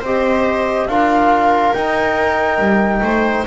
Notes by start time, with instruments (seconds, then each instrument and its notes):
0.00 double bass C4, trombone G4, viola C5, flute D#5
0.87 double bass D4, trombone F4, viola A#4, flute F5
1.73 double bass D#4, trombone D#4, flute G5
2.59 double bass G3
3.02 double bass A3, viola C5